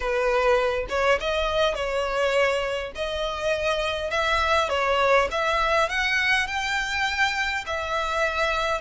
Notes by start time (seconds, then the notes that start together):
0.00 B4
0.89 C#5
1.20 D#5
1.75 C#5
2.95 D#5
4.10 E5
4.69 C#5
5.31 E5
5.89 F#5
6.47 G5
7.66 E5